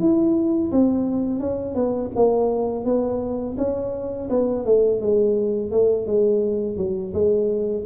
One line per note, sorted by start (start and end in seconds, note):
0.00 0.71 E4
0.72 1.40 C4
1.40 1.75 C#4
1.75 2.10 B3
2.16 2.85 A#3
2.85 3.56 B3
3.58 4.29 C#4
4.30 4.65 B3
4.65 5.01 A3
5.01 5.71 G#3
5.71 6.06 A3
6.06 6.77 G#3
6.77 7.13 F#3
7.14 7.85 G#3